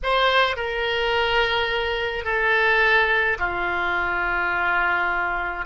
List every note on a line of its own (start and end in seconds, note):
0.03 0.56 C5
0.56 2.24 A#4
2.24 3.37 A4
3.39 5.65 F4